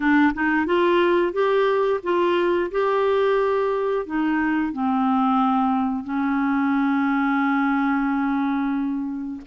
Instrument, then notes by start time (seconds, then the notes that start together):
clarinet
0.00 D4
0.33 D#4
0.66 F4
1.32 G4
2.03 F4
2.71 G4
4.05 D#4
4.73 C4
6.04 C#4